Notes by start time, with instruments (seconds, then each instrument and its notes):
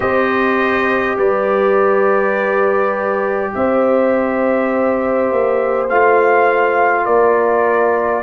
0.00 tuba C4, trombone G4, horn C5, trumpet D#5
1.17 tuba G3, horn B4, trumpet D5
3.54 tuba C4, horn C5, trumpet E5
5.31 tuba A#3
5.89 tuba A3, trombone F4, trumpet F5
7.05 tuba A#3, horn A#4, trumpet D5